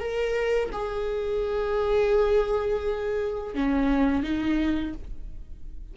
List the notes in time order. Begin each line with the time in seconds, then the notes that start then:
0.00 A#4
0.73 G#4
3.55 C#4
4.24 D#4